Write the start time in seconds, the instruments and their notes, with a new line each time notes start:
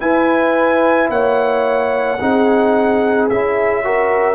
0.00 trombone E4, tuba E4, horn B4, trumpet G#5
1.10 tuba A#3, horn C#5, trumpet F#5
2.21 tuba C4, trombone D#4, horn G#4
3.29 tuba C#4, trombone E4, trumpet E5
3.84 trombone F#4, horn A#4